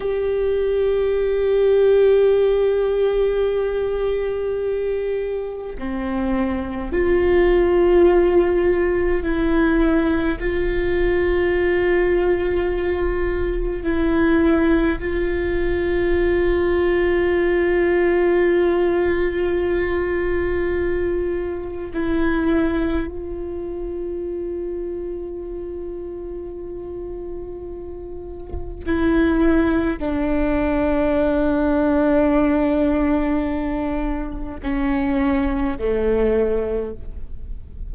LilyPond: \new Staff \with { instrumentName = "viola" } { \time 4/4 \tempo 4 = 52 g'1~ | g'4 c'4 f'2 | e'4 f'2. | e'4 f'2.~ |
f'2. e'4 | f'1~ | f'4 e'4 d'2~ | d'2 cis'4 a4 | }